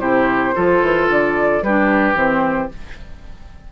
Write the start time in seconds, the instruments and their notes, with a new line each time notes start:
0.00 bassoon C3, clarinet E4, oboe G4, flute C5
0.54 bassoon F3, clarinet F4, oboe A4
0.82 bassoon E3
1.09 bassoon D3, flute D5
1.62 bassoon G3, oboe G4, flute B4
1.68 clarinet D4
2.15 bassoon E3, clarinet C4, flute C5